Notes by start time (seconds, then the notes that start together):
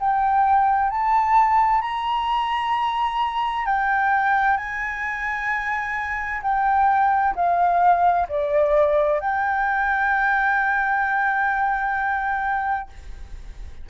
0.00 G5
0.91 A5
1.82 A#5
3.66 G5
4.57 G#5
6.42 G5
7.36 F5
8.29 D5
9.20 G5